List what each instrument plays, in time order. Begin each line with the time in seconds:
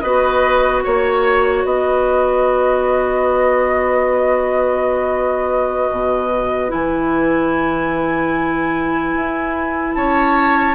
0.00 bassoon B3, clarinet F#4, oboe B4, flute D#5
0.83 bassoon A#3, oboe C#5, flute C#5
1.64 bassoon B3, oboe B4, flute D#5
5.90 bassoon B2
6.68 bassoon E3, clarinet E4, flute G#5
9.15 bassoon E4
9.94 bassoon C#4, oboe C#5, flute A5